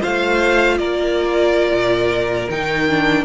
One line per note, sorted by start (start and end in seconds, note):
0.00 0.78 A3
0.00 2.47 F4
0.00 0.76 C5
0.00 0.78 F5
0.78 1.71 A#3
0.78 3.24 A#4
0.78 2.48 D5
1.71 2.47 A#2
2.50 3.24 D#3
2.50 2.88 D#4
2.50 3.24 G5
2.88 3.24 D4